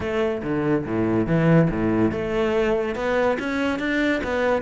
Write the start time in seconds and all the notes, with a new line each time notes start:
0.00 A3
0.42 D3
0.85 A2
1.26 E3
1.70 A2
2.11 A3
2.95 B3
3.39 C#4
3.79 D4
4.23 B3